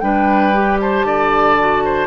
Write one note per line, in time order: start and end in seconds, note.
0.00 1.04 G3
0.00 0.53 D4
0.00 0.81 B4
0.00 0.78 G5
0.53 1.57 G4
0.80 1.06 C5
0.80 2.07 A5
1.04 2.07 D3
1.04 1.84 D5
1.59 2.07 F#4
1.85 2.07 C5